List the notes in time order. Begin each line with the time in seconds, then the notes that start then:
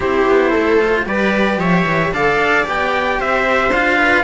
0.00 C4 E4 G4 C5
0.27 B3
0.50 A3 A4
0.80 F4
1.05 G3 G4 B4 D5
1.57 F3 C#5 E5
1.85 E3
2.12 D3 A4 D5 F5
2.37 D4
2.64 B3 G4 G5
3.19 C4 C5 E5
3.70 D4 F4 F5
3.98 B4